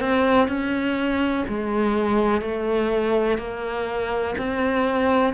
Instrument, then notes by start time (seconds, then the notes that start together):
cello
0.00 C4
0.48 C#4
1.48 G#3
2.41 A3
3.38 A#3
4.38 C4